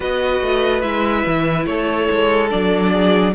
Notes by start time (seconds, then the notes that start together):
0.00 B3 F#4 B4 D#5
0.41 A3
0.82 G#3 E4 E5
1.26 E3
1.66 A3 A4 C#5
2.10 G#3
2.49 F#3 D4 D5
2.91 G#4